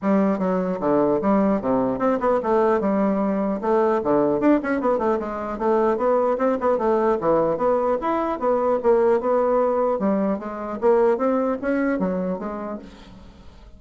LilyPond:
\new Staff \with { instrumentName = "bassoon" } { \time 4/4 \tempo 4 = 150 g4 fis4 d4 g4 | c4 c'8 b8 a4 g4~ | g4 a4 d4 d'8 cis'8 | b8 a8 gis4 a4 b4 |
c'8 b8 a4 e4 b4 | e'4 b4 ais4 b4~ | b4 g4 gis4 ais4 | c'4 cis'4 fis4 gis4 | }